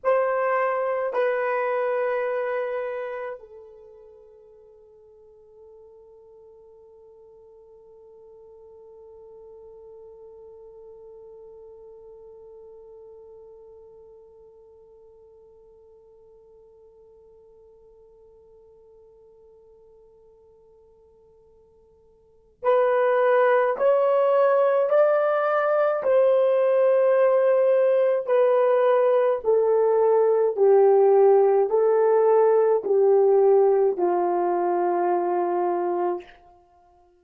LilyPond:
\new Staff \with { instrumentName = "horn" } { \time 4/4 \tempo 4 = 53 c''4 b'2 a'4~ | a'1~ | a'1~ | a'1~ |
a'1 | b'4 cis''4 d''4 c''4~ | c''4 b'4 a'4 g'4 | a'4 g'4 f'2 | }